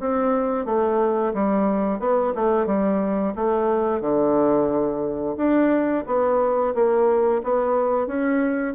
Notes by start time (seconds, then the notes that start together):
0.00 C4
0.65 A3
1.33 G3
1.99 B3
2.35 A3
2.66 G3
3.35 A3
4.01 D3
5.37 D4
6.06 B3
6.74 A#3
7.43 B3
8.07 C#4